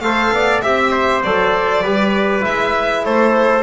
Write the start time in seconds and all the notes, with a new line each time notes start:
0.00 A3 A4 C5 F5
0.31 B3 D5
0.62 C4 G4 E5
0.92 C5
1.23 F#3 A4 D5
1.83 G3 G4 B4
2.41 G#3 E4 E5
3.04 A3 A4 C5